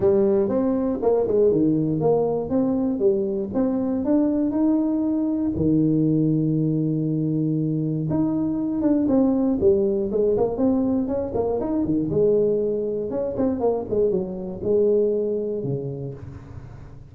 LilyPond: \new Staff \with { instrumentName = "tuba" } { \time 4/4 \tempo 4 = 119 g4 c'4 ais8 gis8 dis4 | ais4 c'4 g4 c'4 | d'4 dis'2 dis4~ | dis1 |
dis'4. d'8 c'4 g4 | gis8 ais8 c'4 cis'8 ais8 dis'8 dis8 | gis2 cis'8 c'8 ais8 gis8 | fis4 gis2 cis4 | }